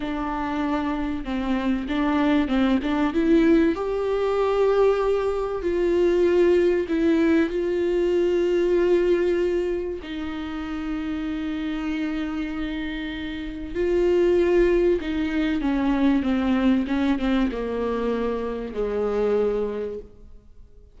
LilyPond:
\new Staff \with { instrumentName = "viola" } { \time 4/4 \tempo 4 = 96 d'2 c'4 d'4 | c'8 d'8 e'4 g'2~ | g'4 f'2 e'4 | f'1 |
dis'1~ | dis'2 f'2 | dis'4 cis'4 c'4 cis'8 c'8 | ais2 gis2 | }